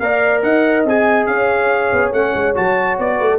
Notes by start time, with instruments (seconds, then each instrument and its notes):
0.00 tuba A#3, trombone A#4, horn D5, trumpet F5
0.43 tuba D#4, horn D#5, trumpet F#5
0.85 tuba C4, trombone G#4, trumpet G#5
1.27 tuba C#4, horn C#5, trumpet F5
1.93 tuba B3
2.12 tuba A3, trombone C#4, trumpet F#5
2.35 tuba G#3
2.55 tuba F#3, trombone F#4, trumpet A5
2.99 tuba B3, trumpet D5
3.18 tuba A3, horn B4
3.31 horn A4